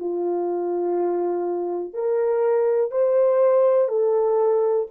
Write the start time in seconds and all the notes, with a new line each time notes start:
0.00 F4
1.94 A#4
2.92 C5
3.89 A4